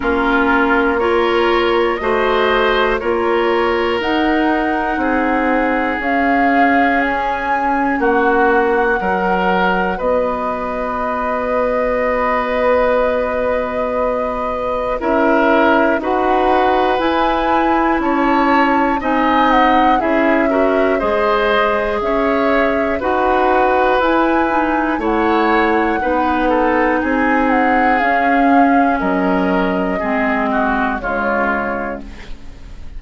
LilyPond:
<<
  \new Staff \with { instrumentName = "flute" } { \time 4/4 \tempo 4 = 60 ais'4 cis''4 dis''4 cis''4 | fis''2 f''4 gis''4 | fis''2 dis''2~ | dis''2. e''4 |
fis''4 gis''4 a''4 gis''8 fis''8 | e''4 dis''4 e''4 fis''4 | gis''4 fis''2 gis''8 fis''8 | f''4 dis''2 cis''4 | }
  \new Staff \with { instrumentName = "oboe" } { \time 4/4 f'4 ais'4 c''4 ais'4~ | ais'4 gis'2. | fis'4 ais'4 b'2~ | b'2. ais'4 |
b'2 cis''4 dis''4 | gis'8 ais'8 c''4 cis''4 b'4~ | b'4 cis''4 b'8 a'8 gis'4~ | gis'4 ais'4 gis'8 fis'8 f'4 | }
  \new Staff \with { instrumentName = "clarinet" } { \time 4/4 cis'4 f'4 fis'4 f'4 | dis'2 cis'2~ | cis'4 fis'2.~ | fis'2. e'4 |
fis'4 e'2 dis'4 | e'8 fis'8 gis'2 fis'4 | e'8 dis'8 e'4 dis'2 | cis'2 c'4 gis4 | }
  \new Staff \with { instrumentName = "bassoon" } { \time 4/4 ais2 a4 ais4 | dis'4 c'4 cis'2 | ais4 fis4 b2~ | b2. cis'4 |
dis'4 e'4 cis'4 c'4 | cis'4 gis4 cis'4 dis'4 | e'4 a4 b4 c'4 | cis'4 fis4 gis4 cis4 | }
>>